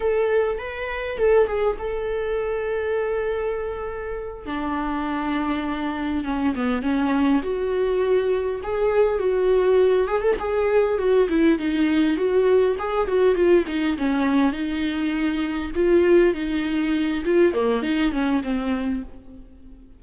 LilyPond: \new Staff \with { instrumentName = "viola" } { \time 4/4 \tempo 4 = 101 a'4 b'4 a'8 gis'8 a'4~ | a'2.~ a'8 d'8~ | d'2~ d'8 cis'8 b8 cis'8~ | cis'8 fis'2 gis'4 fis'8~ |
fis'4 gis'16 a'16 gis'4 fis'8 e'8 dis'8~ | dis'8 fis'4 gis'8 fis'8 f'8 dis'8 cis'8~ | cis'8 dis'2 f'4 dis'8~ | dis'4 f'8 ais8 dis'8 cis'8 c'4 | }